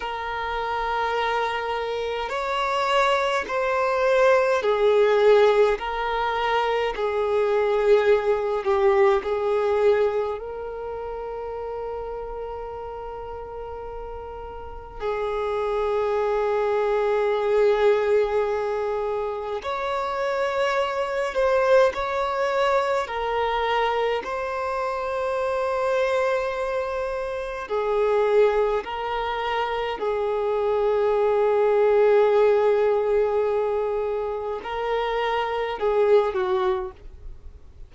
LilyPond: \new Staff \with { instrumentName = "violin" } { \time 4/4 \tempo 4 = 52 ais'2 cis''4 c''4 | gis'4 ais'4 gis'4. g'8 | gis'4 ais'2.~ | ais'4 gis'2.~ |
gis'4 cis''4. c''8 cis''4 | ais'4 c''2. | gis'4 ais'4 gis'2~ | gis'2 ais'4 gis'8 fis'8 | }